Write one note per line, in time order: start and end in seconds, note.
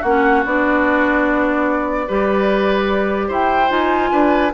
0.00 0.44 A#3
0.00 0.45 C#4
0.00 2.04 F#4
0.00 0.43 F#5
0.45 2.08 B3
0.45 2.07 D4
0.45 3.31 D5
2.07 3.29 G3
2.07 3.69 G4
2.07 3.27 B4
3.27 3.70 E4
3.27 4.09 C5
3.27 3.70 G5
3.69 4.10 D#4
3.69 4.51 F4
3.69 4.52 G#5
4.11 4.52 D4
4.11 4.52 B4